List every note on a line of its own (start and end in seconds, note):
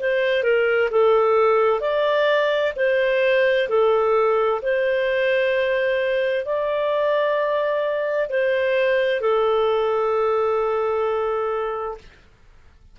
0.00 0.44 C5
0.44 0.90 A#4
0.91 1.81 A4
1.81 2.73 D5
2.77 3.69 C5
3.69 4.62 A4
4.62 6.46 C5
6.46 8.30 D5
8.30 9.21 C5
9.21 11.98 A4